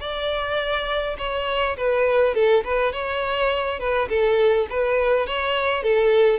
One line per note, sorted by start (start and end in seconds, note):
0.00 1.17 D5
1.18 1.76 C#5
1.77 2.35 B4
2.35 2.64 A4
2.64 2.93 B4
2.93 3.79 C#5
3.79 4.08 B4
4.09 4.67 A4
4.70 5.27 B4
5.27 5.83 C#5
5.83 6.39 A4